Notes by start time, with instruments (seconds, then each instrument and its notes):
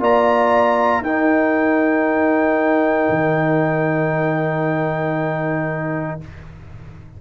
0.00 tuba A#3, trombone F4, horn D5, trumpet A#5
1.01 tuba D#4, trombone D#4, horn A#4, trumpet G5
3.09 tuba D#3